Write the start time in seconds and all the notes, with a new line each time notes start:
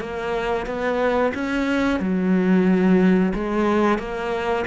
0.00 A#3
0.66 B3
1.34 C#4
1.99 F#3
3.34 G#3
3.98 A#3